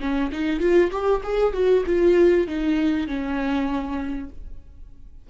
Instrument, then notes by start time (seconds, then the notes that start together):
viola
0.00 C#4
0.32 D#4
0.60 F4
0.91 G4
1.23 G#4
1.53 F#4
1.86 F4
2.47 D#4
3.07 C#4